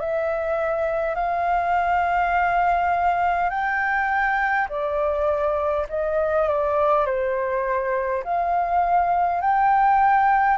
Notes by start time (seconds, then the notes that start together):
0.00 E5
1.15 F5
3.50 G5
4.69 D5
5.89 D#5
6.49 D5
7.06 C5
8.24 F5
9.42 G5